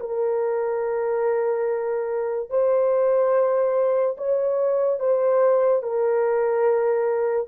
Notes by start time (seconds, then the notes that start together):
0.00 A#4
2.50 C5
4.18 C#5
5.00 C5
5.83 A#4